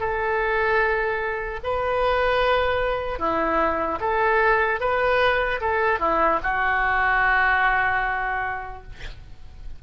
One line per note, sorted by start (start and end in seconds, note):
0.00 1.60 A4
1.63 3.19 B4
3.19 3.99 E4
4.00 4.80 A4
4.80 5.60 B4
5.60 5.99 A4
5.99 6.39 E4
6.43 8.83 F#4